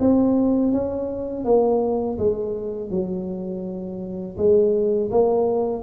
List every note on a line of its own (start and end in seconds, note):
0.00 0.72 C4
0.72 1.45 C#4
1.45 2.18 A#3
2.18 2.91 G#3
2.91 4.37 F#3
4.38 5.11 G#3
5.11 5.83 A#3